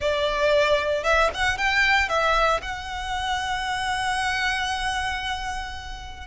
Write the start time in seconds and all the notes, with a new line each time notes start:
0.00 D5
1.03 E5
1.34 F#5
1.57 G5
2.08 E5
2.61 F#5